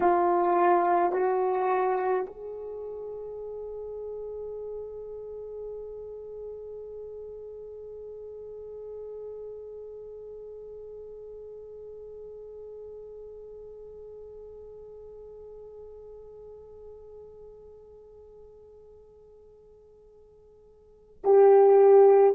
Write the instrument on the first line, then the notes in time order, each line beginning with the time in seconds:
horn
0.00 F4
1.12 F#4
2.26 G#4
21.24 G4